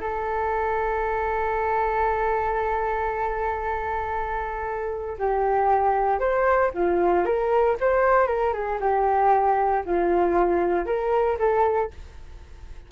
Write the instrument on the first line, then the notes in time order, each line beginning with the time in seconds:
flute
0.00 A4
5.18 G4
6.19 C5
6.74 F4
7.25 A#4
7.80 C5
8.27 A#4
8.53 G#4
8.80 G4
9.85 F4
10.86 A#4
11.39 A4